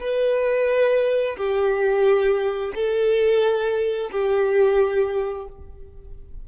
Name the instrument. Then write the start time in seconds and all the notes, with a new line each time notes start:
violin
0.00 B4
1.37 G4
2.75 A4
4.12 G4